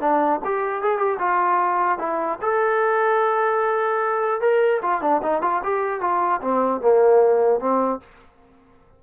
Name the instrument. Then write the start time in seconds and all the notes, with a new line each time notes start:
trombone
0.00 D4
0.44 G4
0.82 G#4
0.97 G4
1.19 F4
1.98 E4
2.41 A4
4.41 A#4
4.82 F4
5.01 D4
5.22 D#4
5.42 F4
5.63 G4
6.00 F4
6.41 C4
6.81 A#3
7.60 C4